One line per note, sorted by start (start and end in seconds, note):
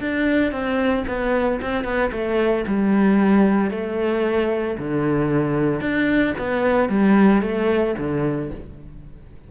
0.00 0.52 D4
0.52 1.05 C4
1.07 1.60 B3
1.61 1.84 C4
1.84 2.11 B3
2.12 2.65 A3
2.67 3.70 G3
3.70 4.77 A3
4.78 5.80 D3
5.80 6.34 D4
6.38 6.89 B3
6.89 7.42 G3
7.42 7.95 A3
7.98 8.51 D3